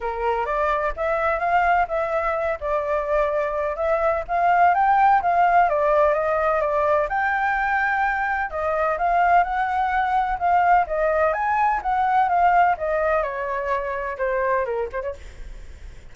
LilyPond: \new Staff \with { instrumentName = "flute" } { \time 4/4 \tempo 4 = 127 ais'4 d''4 e''4 f''4 | e''4. d''2~ d''8 | e''4 f''4 g''4 f''4 | d''4 dis''4 d''4 g''4~ |
g''2 dis''4 f''4 | fis''2 f''4 dis''4 | gis''4 fis''4 f''4 dis''4 | cis''2 c''4 ais'8 c''16 cis''16 | }